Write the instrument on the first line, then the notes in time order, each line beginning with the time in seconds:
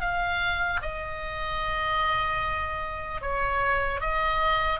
oboe
0.00 F5
0.81 D#5
3.21 C#5
4.00 D#5